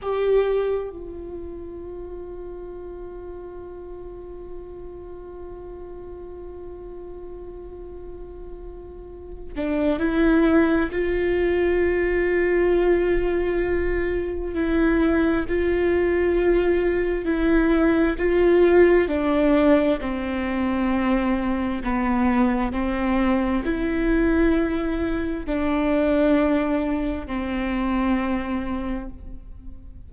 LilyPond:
\new Staff \with { instrumentName = "viola" } { \time 4/4 \tempo 4 = 66 g'4 f'2.~ | f'1~ | f'2~ f'8 d'8 e'4 | f'1 |
e'4 f'2 e'4 | f'4 d'4 c'2 | b4 c'4 e'2 | d'2 c'2 | }